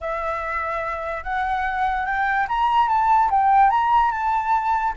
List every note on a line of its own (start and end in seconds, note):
0.00 1.23 E5
1.23 2.05 F#5
2.05 2.47 G5
2.48 2.88 A#5
2.88 3.29 A5
3.30 3.70 G5
3.70 4.11 A#5
4.11 4.93 A5